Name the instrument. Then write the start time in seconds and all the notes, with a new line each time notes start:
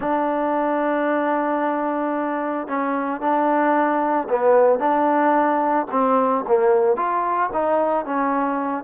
trombone
0.00 D4
2.67 C#4
3.20 D4
4.29 B3
4.79 D4
5.91 C4
6.47 A#3
6.96 F4
7.53 D#4
8.05 C#4